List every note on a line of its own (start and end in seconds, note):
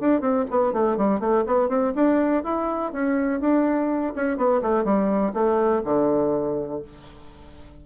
0.00 0.21 D4
0.21 0.45 C4
0.50 0.73 B3
0.73 0.97 A3
0.97 1.20 G3
1.20 1.45 A3
1.46 1.69 B3
1.69 1.93 C4
1.95 2.44 D4
2.44 2.92 E4
2.92 3.40 C#4
3.40 4.14 D4
4.16 4.37 C#4
4.37 4.62 B3
4.62 4.84 A3
4.84 5.33 G3
5.34 5.82 A3
5.84 6.82 D3